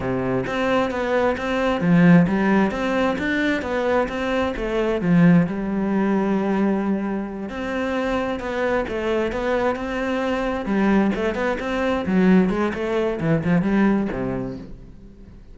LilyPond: \new Staff \with { instrumentName = "cello" } { \time 4/4 \tempo 4 = 132 c4 c'4 b4 c'4 | f4 g4 c'4 d'4 | b4 c'4 a4 f4 | g1~ |
g8 c'2 b4 a8~ | a8 b4 c'2 g8~ | g8 a8 b8 c'4 fis4 gis8 | a4 e8 f8 g4 c4 | }